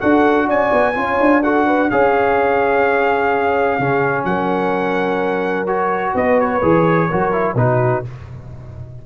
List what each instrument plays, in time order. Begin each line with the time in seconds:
0.00 tuba D4, trombone F#4, horn A4, trumpet F#5
0.46 tuba C#4, horn D5, trumpet G#5
0.73 tuba B3
0.95 tuba C#4, trombone F4, horn C#5
1.21 tuba D4
1.43 trombone F#4, horn A4, trumpet F#5
1.67 horn B4
1.90 tuba C#4, trombone G#4, horn C#5, trumpet F5
3.79 tuba C#3, trombone C#4, horn G#4
4.25 tuba F#3, horn A#4, trumpet F#5
5.67 trombone F#4, trumpet C#5
6.15 tuba B3, horn B4, trumpet D#5
6.40 trumpet C#5
6.63 tuba E3, trombone G#4
7.09 tuba F#3, trombone F#4, horn A#4
7.32 trombone E4
7.55 tuba B2, trombone D#4, horn F#4, trumpet B4